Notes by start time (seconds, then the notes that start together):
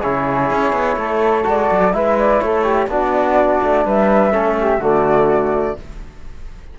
0.00 C#3 E4 G#4 C#5
0.50 C#4
0.72 B3
0.96 A3 A4
1.43 G#3 F#4 D5
1.71 F#3
1.92 G#3 E4 B4 E5
2.18 D5
2.40 A3 A4 C#5
2.64 G4
2.87 B3 D4 F#4 D5
3.63 A3
3.85 G3 B4 E5
4.31 A3 C#4 A4
4.60 G4
4.78 D3 A3 F#4 D5